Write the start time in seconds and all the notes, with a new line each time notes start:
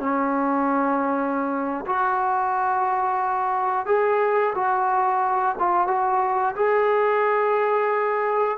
0.00 C#4
1.86 F#4
3.86 G#4
4.55 F#4
5.59 F4
5.87 F#4
6.56 G#4